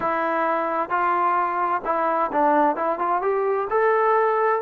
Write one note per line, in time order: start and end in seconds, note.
0.00 0.89 E4
0.89 1.81 F4
1.84 2.30 E4
2.32 2.76 D4
2.76 2.98 E4
2.98 3.21 F4
3.21 3.68 G4
3.69 4.62 A4